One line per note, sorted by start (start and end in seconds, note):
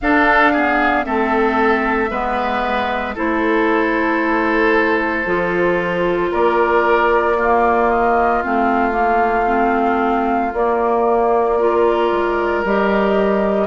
0.01 1.05 D4
0.01 0.55 D4
0.01 0.52 A4
0.01 1.04 F5
0.52 1.04 B3
0.52 1.05 G#4
1.04 2.10 A3
1.04 2.10 C4
1.04 2.10 A4
1.04 3.15 E5
2.10 3.15 G#3
2.10 3.15 B3
2.10 3.14 B4
3.14 5.25 A3
3.14 5.25 E4
3.14 6.30 A4
3.14 6.33 C5
5.25 6.31 F3
5.25 7.36 F4
6.31 8.44 A#3
6.31 7.36 A#4
6.31 7.90 D5
7.37 8.43 A#3
7.37 11.58 F4
7.90 8.43 D#5
8.43 10.53 A3
8.43 8.91 C4
8.43 10.53 F5
8.91 9.43 A#3
9.46 10.51 C4
10.53 12.11 A#3
10.53 11.59 A#3
10.53 12.64 D5
11.58 12.64 F4
11.58 13.67 A#4
12.11 12.64 G#3
12.64 13.67 G3
12.64 13.67 G4
12.64 13.67 D#5